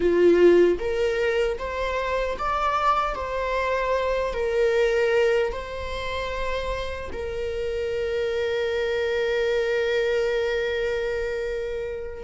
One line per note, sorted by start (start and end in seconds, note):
0.00 0.78 F4
0.79 1.58 A#4
1.58 2.37 C5
2.38 3.15 D5
3.15 4.33 C5
4.33 5.52 A#4
5.52 7.10 C5
7.12 12.23 A#4